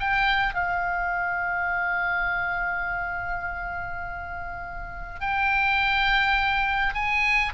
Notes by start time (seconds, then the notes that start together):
0.00 G5
0.54 F5
5.20 G5
6.94 G#5